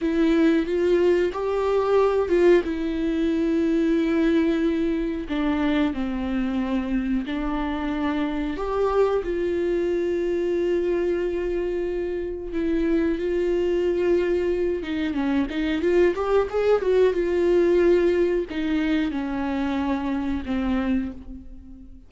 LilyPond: \new Staff \with { instrumentName = "viola" } { \time 4/4 \tempo 4 = 91 e'4 f'4 g'4. f'8 | e'1 | d'4 c'2 d'4~ | d'4 g'4 f'2~ |
f'2. e'4 | f'2~ f'8 dis'8 cis'8 dis'8 | f'8 g'8 gis'8 fis'8 f'2 | dis'4 cis'2 c'4 | }